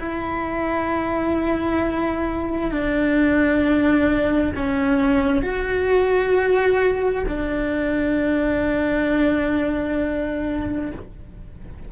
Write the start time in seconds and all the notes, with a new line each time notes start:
0.00 E4
2.71 D4
4.56 C#4
5.43 F#4
7.28 D4